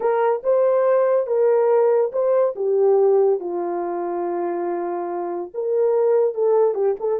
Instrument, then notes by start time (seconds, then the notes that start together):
horn
0.00 A#4
0.43 C5
1.26 A#4
2.12 C5
2.55 G4
3.39 F4
5.54 A#4
6.34 A4
6.74 G4
6.99 A4